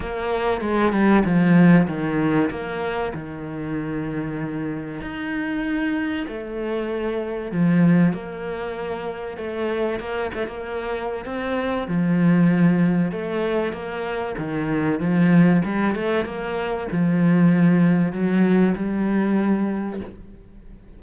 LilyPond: \new Staff \with { instrumentName = "cello" } { \time 4/4 \tempo 4 = 96 ais4 gis8 g8 f4 dis4 | ais4 dis2. | dis'2 a2 | f4 ais2 a4 |
ais8 a16 ais4~ ais16 c'4 f4~ | f4 a4 ais4 dis4 | f4 g8 a8 ais4 f4~ | f4 fis4 g2 | }